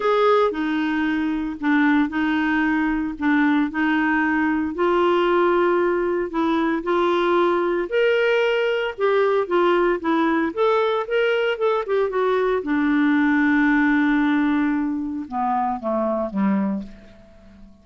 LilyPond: \new Staff \with { instrumentName = "clarinet" } { \time 4/4 \tempo 4 = 114 gis'4 dis'2 d'4 | dis'2 d'4 dis'4~ | dis'4 f'2. | e'4 f'2 ais'4~ |
ais'4 g'4 f'4 e'4 | a'4 ais'4 a'8 g'8 fis'4 | d'1~ | d'4 b4 a4 g4 | }